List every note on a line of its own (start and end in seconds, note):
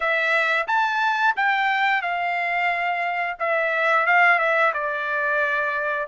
0.00 0.66 E5
0.67 1.34 A5
1.36 2.02 G5
2.02 3.36 F5
3.39 4.06 E5
4.06 4.39 F5
4.39 4.72 E5
4.73 6.07 D5